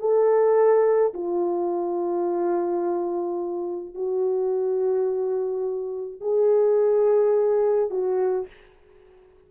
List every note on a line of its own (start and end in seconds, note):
0.00 1.13 A4
1.14 3.95 F4
3.95 6.21 F#4
6.21 7.90 G#4
7.90 8.47 F#4